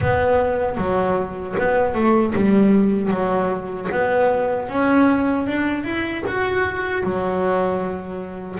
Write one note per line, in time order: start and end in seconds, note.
0.00 0.77 B3
0.77 1.55 F#3
1.58 1.94 B3
1.94 2.33 A3
2.35 3.10 G3
3.10 3.88 F#3
3.91 4.68 B3
4.68 5.46 C#4
5.46 5.84 D4
5.84 6.23 E4
6.26 7.03 F#4
7.03 8.59 F#3